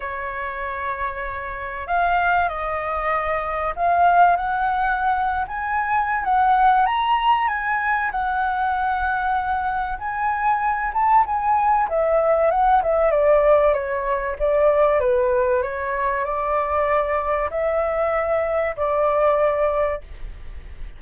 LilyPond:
\new Staff \with { instrumentName = "flute" } { \time 4/4 \tempo 4 = 96 cis''2. f''4 | dis''2 f''4 fis''4~ | fis''8. gis''4~ gis''16 fis''4 ais''4 | gis''4 fis''2. |
gis''4. a''8 gis''4 e''4 | fis''8 e''8 d''4 cis''4 d''4 | b'4 cis''4 d''2 | e''2 d''2 | }